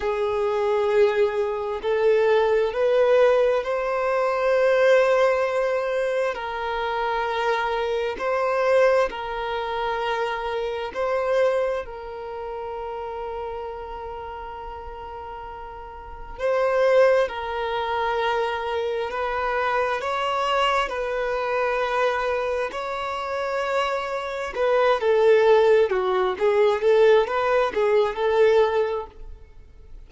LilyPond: \new Staff \with { instrumentName = "violin" } { \time 4/4 \tempo 4 = 66 gis'2 a'4 b'4 | c''2. ais'4~ | ais'4 c''4 ais'2 | c''4 ais'2.~ |
ais'2 c''4 ais'4~ | ais'4 b'4 cis''4 b'4~ | b'4 cis''2 b'8 a'8~ | a'8 fis'8 gis'8 a'8 b'8 gis'8 a'4 | }